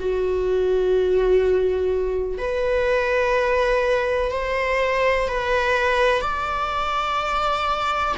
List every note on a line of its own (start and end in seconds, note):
0.00 2.38 F#4
2.38 4.32 B4
4.32 5.28 C5
5.28 6.22 B4
6.22 8.15 D5